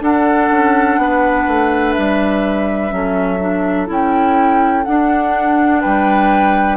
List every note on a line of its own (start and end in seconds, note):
0.00 0.48 D4
0.00 2.90 D4
0.00 0.99 A4
0.00 1.93 F#5
0.51 0.97 C#4
0.97 1.45 B3
0.97 2.94 B4
1.47 1.95 A3
1.93 2.92 G3
1.93 3.86 E5
2.90 3.88 F#3
2.90 3.38 C#4
2.90 5.80 A4
3.40 3.86 D4
3.86 4.85 C#4
3.86 4.83 E4
3.86 4.84 G5
4.84 5.84 D4
4.84 6.77 D4
4.84 5.81 F#5
5.80 6.77 G3
5.80 6.77 B4
5.80 6.77 G5